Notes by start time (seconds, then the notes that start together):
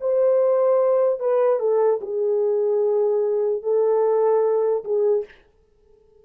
0.00 C5
1.19 B4
1.59 A4
2.01 G#4
3.62 A4
4.84 G#4